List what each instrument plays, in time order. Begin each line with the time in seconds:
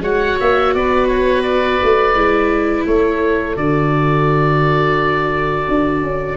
0.00 tuba G#3, viola F#4, oboe C#5 F#5
0.39 tuba A#3, oboe E5
0.74 tuba B3, oboe B4 D5
1.07 oboe C#5
1.42 oboe D5
1.83 tuba A3
2.14 tuba G#3, viola E4
2.86 tuba A3, oboe A4 C#5
3.56 tuba D3, viola F#4, oboe D5
5.68 tuba D4
6.02 tuba C#4